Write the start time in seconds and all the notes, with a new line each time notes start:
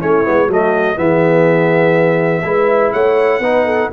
0.00 A3 C#4 E4 C#5
0.24 G#3 B3
0.48 F#3 A3 F#4 D#5
0.97 E3 B3 G#4 E5
2.44 G#3 E4 B4
2.93 A3 C#5 F#5
3.40 B3 D#4 B4
3.65 A4